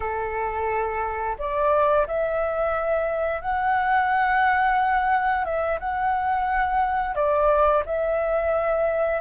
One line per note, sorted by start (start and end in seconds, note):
0.00 1.36 A4
1.38 2.06 D5
2.07 3.41 E5
3.41 5.44 F#5
5.44 5.78 E5
5.79 7.15 F#5
7.15 7.83 D5
7.85 9.20 E5